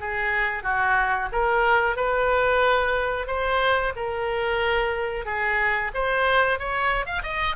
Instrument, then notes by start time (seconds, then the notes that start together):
oboe
0.00 G#4
0.63 F#4
1.32 A#4
1.97 B4
3.27 C5
3.96 A#4
5.26 G#4
5.95 C5
6.59 C#5
7.06 F5
7.23 D#5